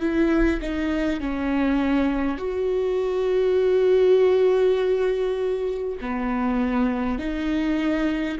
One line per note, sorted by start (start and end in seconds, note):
0.00 0.60 E4
0.62 1.21 D#4
1.21 2.38 C#4
2.38 5.98 F#4
6.01 7.18 B3
7.18 8.38 D#4